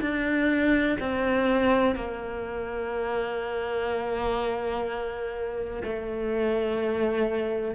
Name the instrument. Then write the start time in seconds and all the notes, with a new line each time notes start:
cello
0.00 D4
0.99 C4
1.95 A#3
5.83 A3